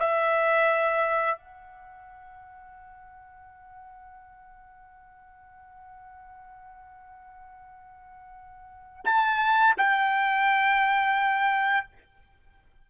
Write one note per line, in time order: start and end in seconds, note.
0.00 1.38 E5
1.38 9.05 F#5
9.05 9.75 A5
9.78 11.87 G5